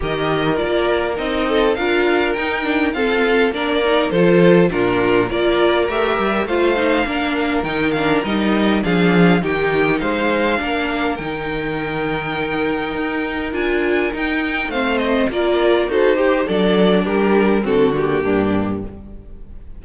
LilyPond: <<
  \new Staff \with { instrumentName = "violin" } { \time 4/4 \tempo 4 = 102 dis''4 d''4 dis''4 f''4 | g''4 f''4 d''4 c''4 | ais'4 d''4 e''4 f''4~ | f''4 g''8 f''8 dis''4 f''4 |
g''4 f''2 g''4~ | g''2. gis''4 | g''4 f''8 dis''8 d''4 c''4 | d''4 ais'4 a'8 g'4. | }
  \new Staff \with { instrumentName = "violin" } { \time 4/4 ais'2~ ais'8 a'8 ais'4~ | ais'4 a'4 ais'4 a'4 | f'4 ais'2 c''4 | ais'2. gis'4 |
g'4 c''4 ais'2~ | ais'1~ | ais'4 c''4 ais'4 a'8 g'8 | a'4 g'4 fis'4 d'4 | }
  \new Staff \with { instrumentName = "viola" } { \time 4/4 g'4 f'4 dis'4 f'4 | dis'8 d'8 c'4 d'8 dis'8 f'4 | d'4 f'4 g'4 f'8 dis'8 | d'4 dis'8 d'8 dis'4 d'4 |
dis'2 d'4 dis'4~ | dis'2. f'4 | dis'4 c'4 f'4 fis'8 g'8 | d'2 c'8 ais4. | }
  \new Staff \with { instrumentName = "cello" } { \time 4/4 dis4 ais4 c'4 d'4 | dis'4 f'4 ais4 f4 | ais,4 ais4 a8 g8 a4 | ais4 dis4 g4 f4 |
dis4 gis4 ais4 dis4~ | dis2 dis'4 d'4 | dis'4 a4 ais4 dis'4 | fis4 g4 d4 g,4 | }
>>